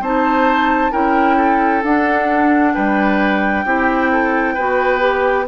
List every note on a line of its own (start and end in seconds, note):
0.00 0.91 C4
0.00 0.91 D#4
0.00 0.92 C5
0.00 0.92 A5
0.91 1.83 C#4
0.91 1.82 E4
0.91 1.37 A#4
0.91 1.83 G5
1.37 2.73 A4
1.83 2.74 D4
1.83 3.66 D4
1.83 2.74 F#5
2.74 3.65 G3
2.74 3.65 B4
2.74 5.47 G5
3.65 4.56 C4
3.65 4.57 E4
3.65 4.11 G4
4.12 4.54 A4
4.54 5.47 B3
4.54 4.99 F#4
4.54 5.45 B4
4.99 5.45 G4